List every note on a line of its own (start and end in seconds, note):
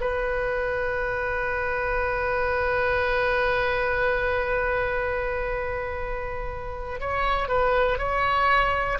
0.00 7.00 B4
7.00 7.48 C#5
7.48 7.98 B4
7.98 8.98 C#5